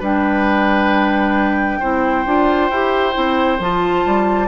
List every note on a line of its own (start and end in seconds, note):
0.00 1.81 G3
0.00 1.82 D4
0.00 1.79 B4
0.00 3.63 G5
1.80 2.26 C4
1.80 2.26 E4
1.80 4.49 C5
2.26 2.70 D4
2.26 2.71 F4
2.70 3.15 E4
2.70 3.13 G4
3.13 3.60 C4
3.13 3.58 E4
3.60 4.04 F3
3.60 4.49 F4
3.60 4.49 A5
4.06 4.49 G3